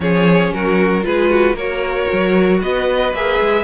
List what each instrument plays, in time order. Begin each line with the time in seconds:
0.00 cello F3, viola C#4, violin G#4 C#5
0.52 cello F#3, violin F#4 A#4
1.02 cello G#3, viola F4, violin G#4 B4
1.29 violin F#4
1.53 cello A#3, viola F#4, violin A#4 C#5
2.12 cello F#3
2.60 cello B3, violin B4 D#5
3.13 cello A#3, viola G#4, violin E5
3.40 cello G#3